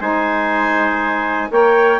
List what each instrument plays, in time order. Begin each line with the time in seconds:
0.00 bassoon G#3, saxophone D#4, trumpet C5, clarinet G#5
1.50 bassoon A#3, saxophone A#4, trumpet C#5, clarinet G5